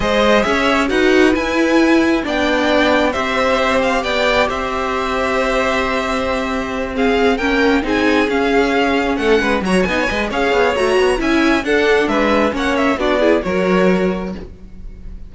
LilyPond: <<
  \new Staff \with { instrumentName = "violin" } { \time 4/4 \tempo 4 = 134 dis''4 e''4 fis''4 gis''4~ | gis''4 g''2 e''4~ | e''8 f''8 g''4 e''2~ | e''2.~ e''8 f''8~ |
f''8 g''4 gis''4 f''4.~ | f''8 fis''4 ais''8 gis''4 f''4 | ais''4 gis''4 fis''4 e''4 | fis''8 e''8 d''4 cis''2 | }
  \new Staff \with { instrumentName = "violin" } { \time 4/4 c''4 cis''4 b'2~ | b'4 d''2 c''4~ | c''4 d''4 c''2~ | c''2.~ c''8 gis'8~ |
gis'8 ais'4 gis'2~ gis'8~ | gis'8 a'8 b'8 cis''8 dis''16 cis''16 dis''8 cis''4~ | cis''4 e''4 a'4 b'4 | cis''4 fis'8 gis'8 ais'2 | }
  \new Staff \with { instrumentName = "viola" } { \time 4/4 gis'2 fis'4 e'4~ | e'4 d'2 g'4~ | g'1~ | g'2.~ g'8 c'8~ |
c'8 cis'4 dis'4 cis'4.~ | cis'4. fis'8 dis'8 b'8 gis'4 | fis'4 e'4 d'2 | cis'4 d'8 e'8 fis'2 | }
  \new Staff \with { instrumentName = "cello" } { \time 4/4 gis4 cis'4 dis'4 e'4~ | e'4 b2 c'4~ | c'4 b4 c'2~ | c'1~ |
c'8 ais4 c'4 cis'4.~ | cis'8 a8 gis8 fis8 b8 gis8 cis'8 b8 | a8 b8 cis'4 d'4 gis4 | ais4 b4 fis2 | }
>>